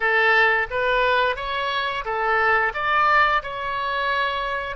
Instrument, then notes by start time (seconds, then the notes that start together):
oboe
0.00 A4
0.70 B4
1.36 C#5
2.04 A4
2.74 D5
3.42 C#5